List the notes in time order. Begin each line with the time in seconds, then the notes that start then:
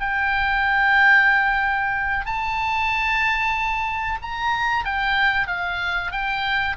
0.00 G5
2.26 A5
4.22 A#5
4.85 G5
5.47 F5
6.12 G5